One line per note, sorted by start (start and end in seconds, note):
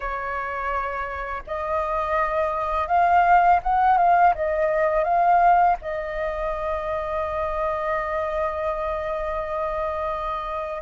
0.00 1.43 C#5
1.46 2.87 D#5
2.87 3.59 F5
3.62 3.97 F#5
3.97 4.33 F5
4.34 5.04 D#5
5.04 5.76 F5
5.81 10.82 D#5